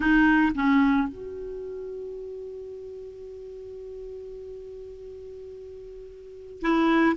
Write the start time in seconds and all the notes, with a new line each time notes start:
0.00 D#4
0.54 C#4
1.08 F#4
6.61 E4